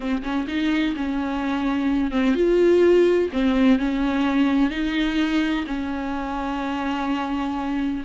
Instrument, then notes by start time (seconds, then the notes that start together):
viola
0.00 C4
0.22 C#4
0.47 D#4
0.96 C#4
2.11 C4
2.34 F4
3.32 C4
3.78 C#4
4.70 D#4
5.66 C#4